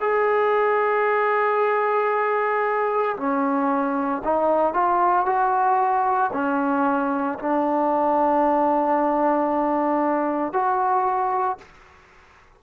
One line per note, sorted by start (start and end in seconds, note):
0.00 3.16 G#4
3.16 4.22 C#4
4.23 4.73 D#4
4.73 5.25 F4
5.25 6.31 F#4
6.33 7.38 C#4
7.38 10.53 D4
10.53 11.58 F#4